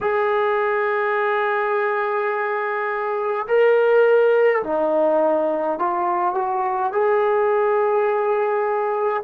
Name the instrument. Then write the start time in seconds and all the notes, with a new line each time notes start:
trombone
0.00 G#4
3.47 A#4
4.63 D#4
5.78 F4
6.34 F#4
6.92 G#4